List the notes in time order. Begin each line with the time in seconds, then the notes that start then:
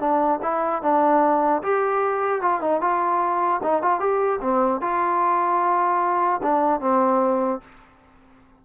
0.00 D4
0.42 E4
0.82 D4
1.63 G4
2.41 F4
2.61 D#4
2.81 F4
3.63 D#4
3.82 F4
4.00 G4
4.41 C4
4.81 F4
6.43 D4
6.81 C4